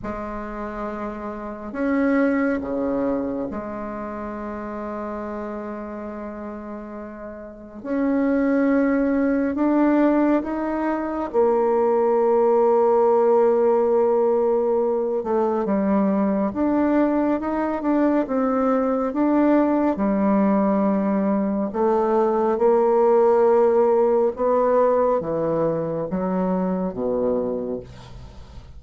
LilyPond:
\new Staff \with { instrumentName = "bassoon" } { \time 4/4 \tempo 4 = 69 gis2 cis'4 cis4 | gis1~ | gis4 cis'2 d'4 | dis'4 ais2.~ |
ais4. a8 g4 d'4 | dis'8 d'8 c'4 d'4 g4~ | g4 a4 ais2 | b4 e4 fis4 b,4 | }